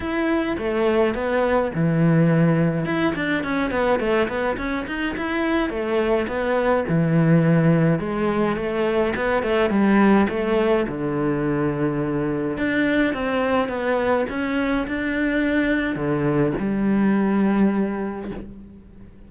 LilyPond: \new Staff \with { instrumentName = "cello" } { \time 4/4 \tempo 4 = 105 e'4 a4 b4 e4~ | e4 e'8 d'8 cis'8 b8 a8 b8 | cis'8 dis'8 e'4 a4 b4 | e2 gis4 a4 |
b8 a8 g4 a4 d4~ | d2 d'4 c'4 | b4 cis'4 d'2 | d4 g2. | }